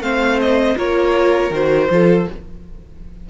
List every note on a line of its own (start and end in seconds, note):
0.00 0.75 A3
0.00 0.76 C4
0.00 0.77 C5
0.00 0.39 F5
0.40 0.77 D#5
0.76 1.50 A#3
0.76 1.51 F4
0.76 1.89 A#4
0.76 1.53 C#5
1.50 1.88 D#3
1.50 1.89 F#4
1.50 2.29 C5
1.89 2.27 F3
1.89 2.27 F4
1.89 2.30 A4